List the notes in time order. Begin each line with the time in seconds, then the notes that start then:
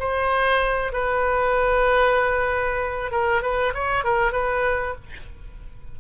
0.00 C5
0.93 B4
3.12 A#4
3.43 B4
3.75 C#5
4.04 A#4
4.33 B4